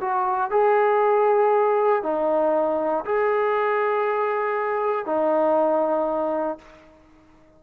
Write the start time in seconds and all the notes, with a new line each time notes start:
0.00 F#4
0.50 G#4
2.02 D#4
3.05 G#4
5.05 D#4